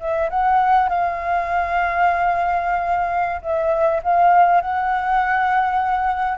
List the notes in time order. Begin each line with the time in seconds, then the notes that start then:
0.00 E5
0.30 F#5
0.89 F5
3.42 E5
4.03 F5
4.61 F#5